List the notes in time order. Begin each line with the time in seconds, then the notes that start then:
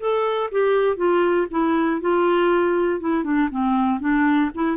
0.00 A4
0.52 G4
0.97 F4
1.51 E4
2.01 F4
3.00 E4
3.24 D4
3.51 C4
4.00 D4
4.55 E4